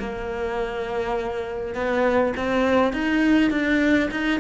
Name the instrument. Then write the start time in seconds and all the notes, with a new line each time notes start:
cello
0.00 A#3
1.75 B3
2.37 C4
2.93 D#4
3.51 D4
4.11 D#4